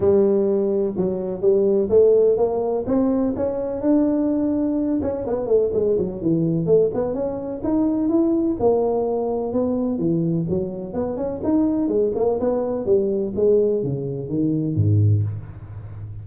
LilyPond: \new Staff \with { instrumentName = "tuba" } { \time 4/4 \tempo 4 = 126 g2 fis4 g4 | a4 ais4 c'4 cis'4 | d'2~ d'8 cis'8 b8 a8 | gis8 fis8 e4 a8 b8 cis'4 |
dis'4 e'4 ais2 | b4 e4 fis4 b8 cis'8 | dis'4 gis8 ais8 b4 g4 | gis4 cis4 dis4 gis,4 | }